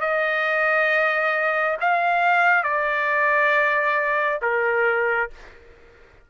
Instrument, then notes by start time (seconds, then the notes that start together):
trumpet
0.00 D#5
1.80 F5
2.63 D5
4.42 A#4